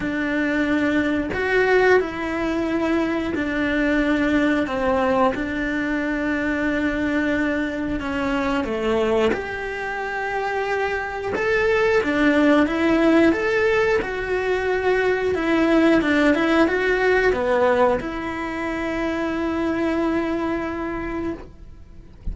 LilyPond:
\new Staff \with { instrumentName = "cello" } { \time 4/4 \tempo 4 = 90 d'2 fis'4 e'4~ | e'4 d'2 c'4 | d'1 | cis'4 a4 g'2~ |
g'4 a'4 d'4 e'4 | a'4 fis'2 e'4 | d'8 e'8 fis'4 b4 e'4~ | e'1 | }